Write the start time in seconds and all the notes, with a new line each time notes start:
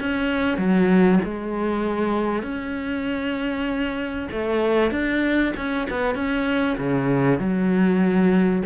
0.00 C#4
0.58 F#3
1.24 G#3
2.43 C#4
4.31 A3
4.91 D4
5.57 C#4
5.90 B3
6.15 C#4
6.78 C#3
7.39 F#3